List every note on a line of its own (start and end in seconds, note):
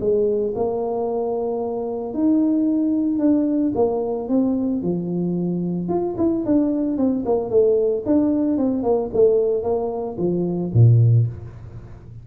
0.00 0.54 G#3
0.56 2.14 A#3
2.14 3.19 D#4
3.19 3.73 D4
3.75 4.29 A#3
4.29 4.82 C4
4.82 5.89 F3
5.89 6.15 F4
6.17 6.44 E4
6.45 6.98 D4
6.98 7.24 C4
7.25 7.50 A#3
7.50 8.03 A3
8.06 8.58 D4
8.58 8.83 C4
8.83 9.10 A#3
9.14 9.63 A3
9.63 10.17 A#3
10.18 10.71 F3
10.73 11.27 A#2